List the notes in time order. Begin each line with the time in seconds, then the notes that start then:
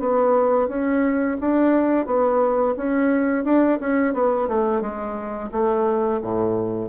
0.00 B3
0.68 C#4
1.41 D4
2.07 B3
2.77 C#4
3.45 D4
3.80 C#4
4.14 B3
4.49 A3
4.82 G#3
5.52 A3
6.22 A2